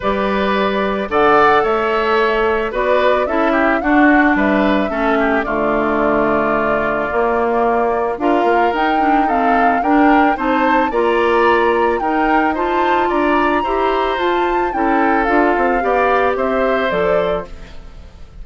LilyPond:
<<
  \new Staff \with { instrumentName = "flute" } { \time 4/4 \tempo 4 = 110 d''2 fis''4 e''4~ | e''4 d''4 e''4 fis''4 | e''2 d''2~ | d''2. f''4 |
g''4 f''4 g''4 a''4 | ais''2 g''4 a''4 | ais''2 a''4 g''4 | f''2 e''4 d''4 | }
  \new Staff \with { instrumentName = "oboe" } { \time 4/4 b'2 d''4 cis''4~ | cis''4 b'4 a'8 g'8 fis'4 | b'4 a'8 g'8 f'2~ | f'2. ais'4~ |
ais'4 a'4 ais'4 c''4 | d''2 ais'4 c''4 | d''4 c''2 a'4~ | a'4 d''4 c''2 | }
  \new Staff \with { instrumentName = "clarinet" } { \time 4/4 g'2 a'2~ | a'4 fis'4 e'4 d'4~ | d'4 cis'4 a2~ | a4 ais2 f'4 |
dis'8 d'8 c'4 d'4 dis'4 | f'2 dis'4 f'4~ | f'4 g'4 f'4 e'4 | f'4 g'2 a'4 | }
  \new Staff \with { instrumentName = "bassoon" } { \time 4/4 g2 d4 a4~ | a4 b4 cis'4 d'4 | g4 a4 d2~ | d4 ais2 d'8 ais8 |
dis'2 d'4 c'4 | ais2 dis'2 | d'4 e'4 f'4 cis'4 | d'8 c'8 b4 c'4 f4 | }
>>